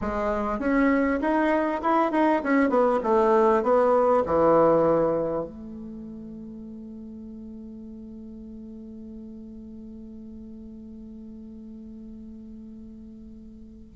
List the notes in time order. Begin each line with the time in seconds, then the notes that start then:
0.01 G#3
0.59 C#4
1.20 D#4
1.82 E4
2.11 D#4
2.43 C#4
2.69 B3
3.03 A3
3.62 B3
4.26 E3
5.45 A3